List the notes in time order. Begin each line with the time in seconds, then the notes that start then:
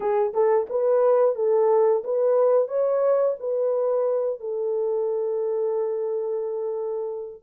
0.00 G#4
0.33 A4
0.69 B4
1.35 A4
2.03 B4
2.68 C#5
3.39 B4
4.39 A4